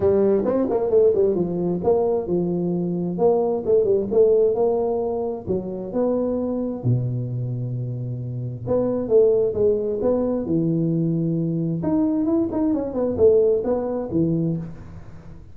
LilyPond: \new Staff \with { instrumentName = "tuba" } { \time 4/4 \tempo 4 = 132 g4 c'8 ais8 a8 g8 f4 | ais4 f2 ais4 | a8 g8 a4 ais2 | fis4 b2 b,4~ |
b,2. b4 | a4 gis4 b4 e4~ | e2 dis'4 e'8 dis'8 | cis'8 b8 a4 b4 e4 | }